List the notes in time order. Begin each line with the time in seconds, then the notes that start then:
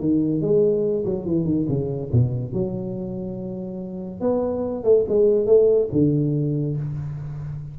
0.00 D#3
0.41 G#3
1.05 F#3
1.25 E3
1.45 D#3
1.69 C#3
2.12 B2
2.53 F#3
4.21 B3
4.84 A3
5.09 G#3
5.47 A3
5.92 D3